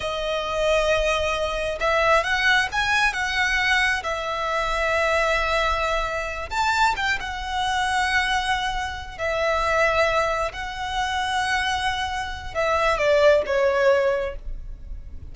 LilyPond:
\new Staff \with { instrumentName = "violin" } { \time 4/4 \tempo 4 = 134 dis''1 | e''4 fis''4 gis''4 fis''4~ | fis''4 e''2.~ | e''2~ e''8 a''4 g''8 |
fis''1~ | fis''8 e''2. fis''8~ | fis''1 | e''4 d''4 cis''2 | }